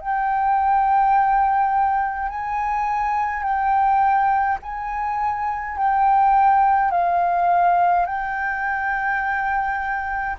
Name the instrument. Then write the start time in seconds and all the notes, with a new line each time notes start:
flute
0.00 G5
2.29 G#5
3.42 G5
4.62 G#5
5.77 G5
6.91 F5
8.06 G5